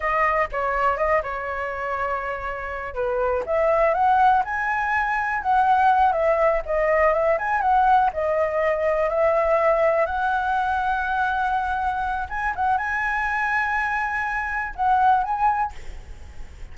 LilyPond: \new Staff \with { instrumentName = "flute" } { \time 4/4 \tempo 4 = 122 dis''4 cis''4 dis''8 cis''4.~ | cis''2 b'4 e''4 | fis''4 gis''2 fis''4~ | fis''8 e''4 dis''4 e''8 gis''8 fis''8~ |
fis''8 dis''2 e''4.~ | e''8 fis''2.~ fis''8~ | fis''4 gis''8 fis''8 gis''2~ | gis''2 fis''4 gis''4 | }